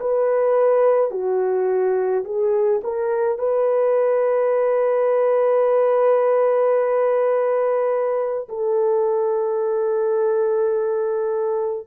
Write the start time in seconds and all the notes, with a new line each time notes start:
0.00 B4
1.11 F#4
2.25 G#4
2.84 A#4
3.39 B4
8.49 A4